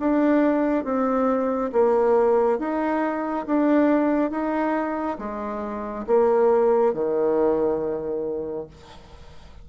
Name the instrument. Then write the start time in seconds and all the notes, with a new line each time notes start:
bassoon
0.00 D4
0.85 C4
1.73 A#3
2.59 D#4
3.47 D4
4.31 D#4
5.19 G#3
6.07 A#3
6.94 D#3